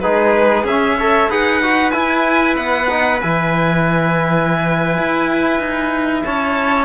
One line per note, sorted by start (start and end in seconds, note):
0.00 0.64 G#3
0.00 0.66 D#4
0.00 0.98 G#4
0.00 0.64 B4
0.64 1.28 C#4
0.64 0.99 C#4
0.64 1.30 E5
0.98 1.30 A4
0.98 1.29 C#5
1.29 1.93 D#4
1.29 1.62 G#4
1.29 6.24 B4
1.29 1.90 F#5
1.62 1.92 F#4
1.90 2.87 E4
1.90 2.57 E4
1.90 2.54 G#5
2.56 3.21 B3
2.56 3.20 F#5
2.89 3.21 D#4
3.21 4.97 E3
3.21 6.85 E4
3.21 6.24 G#5
4.97 5.59 E4
5.59 6.23 D#4
6.24 6.85 C#4
6.24 6.85 C#5
6.24 6.85 A5